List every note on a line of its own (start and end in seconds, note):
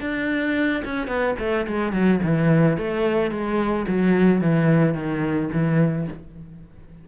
0.00 0.83 D4
0.84 1.07 C#4
1.07 1.35 B3
1.39 1.66 A3
1.67 1.92 G#3
1.92 2.20 F#3
2.23 2.77 E3
2.77 3.31 A3
3.31 3.86 G#3
3.87 4.41 F#3
4.41 4.94 E3
4.94 5.49 D#3
5.52 6.07 E3